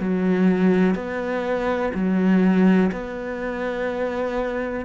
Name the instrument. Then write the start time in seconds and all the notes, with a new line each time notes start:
cello
0.00 F#3
0.95 B3
1.94 F#3
2.92 B3